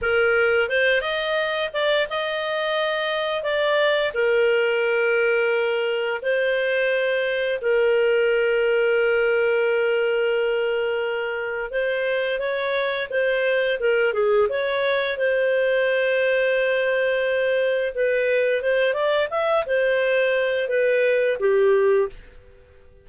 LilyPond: \new Staff \with { instrumentName = "clarinet" } { \time 4/4 \tempo 4 = 87 ais'4 c''8 dis''4 d''8 dis''4~ | dis''4 d''4 ais'2~ | ais'4 c''2 ais'4~ | ais'1~ |
ais'4 c''4 cis''4 c''4 | ais'8 gis'8 cis''4 c''2~ | c''2 b'4 c''8 d''8 | e''8 c''4. b'4 g'4 | }